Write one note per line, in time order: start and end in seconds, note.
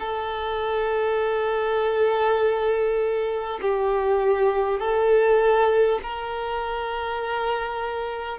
0.00 3.60 A4
3.62 4.79 G4
4.79 5.99 A4
6.03 8.39 A#4